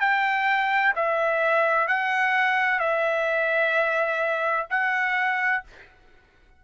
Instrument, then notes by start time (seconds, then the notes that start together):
trumpet
0.00 G5
0.96 E5
1.87 F#5
2.80 E5
4.70 F#5